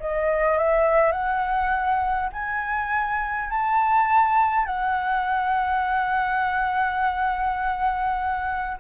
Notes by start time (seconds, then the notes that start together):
0.00 D#5
0.58 E5
1.12 F#5
2.33 G#5
3.50 A5
4.66 F#5